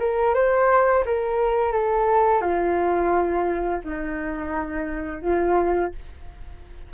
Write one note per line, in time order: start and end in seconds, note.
0.00 0.35 A#4
0.35 1.04 C5
1.06 1.73 A#4
1.73 2.42 A4
2.42 3.81 F4
3.85 5.23 D#4
5.23 5.92 F4